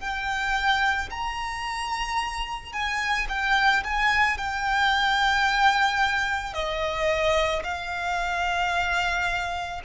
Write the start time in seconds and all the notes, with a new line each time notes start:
0.00 G5
1.10 A#5
2.73 G#5
3.28 G5
3.84 G#5
4.37 G5
6.54 D#5
7.63 F5